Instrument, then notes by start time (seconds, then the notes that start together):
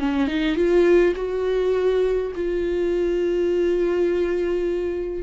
viola
0.00 C#4
0.28 D#4
0.56 F4
1.16 F#4
2.36 F4